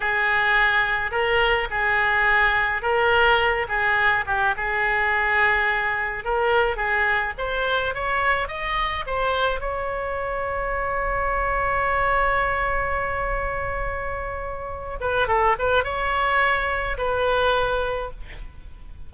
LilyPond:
\new Staff \with { instrumentName = "oboe" } { \time 4/4 \tempo 4 = 106 gis'2 ais'4 gis'4~ | gis'4 ais'4. gis'4 g'8 | gis'2. ais'4 | gis'4 c''4 cis''4 dis''4 |
c''4 cis''2.~ | cis''1~ | cis''2~ cis''8 b'8 a'8 b'8 | cis''2 b'2 | }